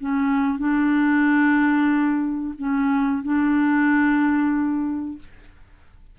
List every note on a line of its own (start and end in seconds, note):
0.00 0.59 C#4
0.59 2.54 D4
2.58 3.23 C#4
3.23 5.18 D4